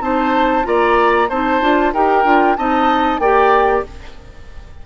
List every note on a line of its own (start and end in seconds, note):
0.00 0.64 C4
0.00 0.63 D#4
0.00 0.67 C5
0.00 0.65 A5
0.63 1.29 A#3
0.63 1.27 F4
0.63 1.29 D5
0.63 1.29 A#5
1.29 1.61 C4
1.29 1.61 D#4
1.29 1.93 C5
1.29 1.93 A5
1.61 1.93 D4
1.61 1.93 F4
1.93 2.24 D#4
1.93 2.24 G4
1.93 2.57 A#4
1.93 2.56 G5
2.24 2.56 D4
2.24 2.56 F4
2.56 3.19 C4
2.56 3.21 D#4
2.56 3.21 D#5
2.56 3.19 A5
3.19 3.83 A#3
3.19 3.86 G4
3.19 3.84 D5
3.19 3.83 G5